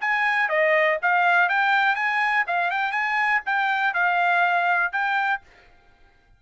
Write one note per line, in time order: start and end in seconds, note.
0.00 0.49 G#5
0.49 0.98 D#5
1.02 1.49 F5
1.49 1.95 G5
1.95 2.44 G#5
2.47 2.70 F5
2.70 2.91 G5
2.91 3.40 G#5
3.45 3.93 G5
3.93 4.92 F5
4.92 5.41 G5